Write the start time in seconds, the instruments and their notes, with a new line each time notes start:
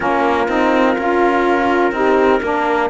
0.00 cello A#3, saxophone C#4, horn F4, trumpet A#4
0.47 cello C4, saxophone D#4
0.97 cello C#4, saxophone F4
1.91 cello C4, saxophone D#4, horn G4
2.41 cello A#3, saxophone D4, horn A#4